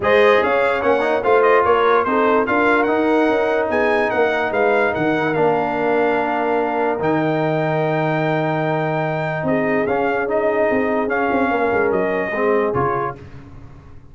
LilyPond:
<<
  \new Staff \with { instrumentName = "trumpet" } { \time 4/4 \tempo 4 = 146 dis''4 f''4 fis''4 f''8 dis''8 | cis''4 c''4 f''4 fis''4~ | fis''4 gis''4 fis''4 f''4 | fis''4 f''2.~ |
f''4 g''2.~ | g''2. dis''4 | f''4 dis''2 f''4~ | f''4 dis''2 cis''4 | }
  \new Staff \with { instrumentName = "horn" } { \time 4/4 c''4 cis''2 c''4 | ais'4 a'4 ais'2~ | ais'4 gis'4 ais'4 b'4 | ais'1~ |
ais'1~ | ais'2. gis'4~ | gis'1 | ais'2 gis'2 | }
  \new Staff \with { instrumentName = "trombone" } { \time 4/4 gis'2 cis'8 dis'8 f'4~ | f'4 dis'4 f'4 dis'4~ | dis'1~ | dis'4 d'2.~ |
d'4 dis'2.~ | dis'1 | cis'4 dis'2 cis'4~ | cis'2 c'4 f'4 | }
  \new Staff \with { instrumentName = "tuba" } { \time 4/4 gis4 cis'4 ais4 a4 | ais4 c'4 d'4 dis'4 | cis'4 b4 ais4 gis4 | dis4 ais2.~ |
ais4 dis2.~ | dis2. c'4 | cis'2 c'4 cis'8 c'8 | ais8 gis8 fis4 gis4 cis4 | }
>>